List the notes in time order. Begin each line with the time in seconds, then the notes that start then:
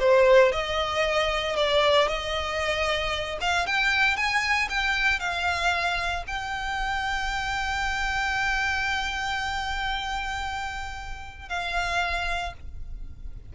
0.00 C5
0.52 D#5
1.56 D5
2.08 D#5
3.41 F5
3.67 G5
4.16 G#5
4.70 G5
5.20 F5
6.27 G5
11.49 F5